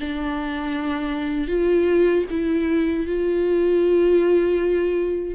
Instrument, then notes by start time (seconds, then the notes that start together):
viola
0.00 D4
1.48 F4
2.30 E4
3.07 F4